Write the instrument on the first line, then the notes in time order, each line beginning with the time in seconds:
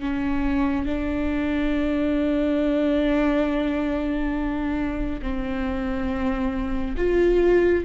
viola
0.00 C#4
0.86 D4
5.22 C4
6.98 F4